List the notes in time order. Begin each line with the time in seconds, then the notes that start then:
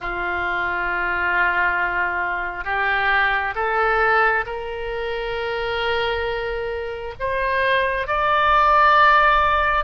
0.00 F4
2.64 G4
3.55 A4
4.45 A#4
7.19 C5
8.07 D5